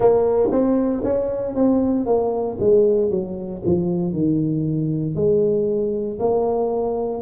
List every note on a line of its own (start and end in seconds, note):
0.00 0.49 A#3
0.51 1.03 C4
1.03 1.55 C#4
1.55 2.05 C4
2.05 2.57 A#3
2.60 3.10 G#3
3.10 3.62 F#3
3.64 4.12 F3
4.12 5.14 D#3
5.14 6.18 G#3
6.19 7.22 A#3